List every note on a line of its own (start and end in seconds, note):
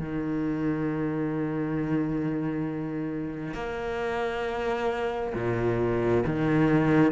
0.00 3.55 D#3
3.55 5.34 A#3
5.35 6.24 A#2
6.26 7.12 D#3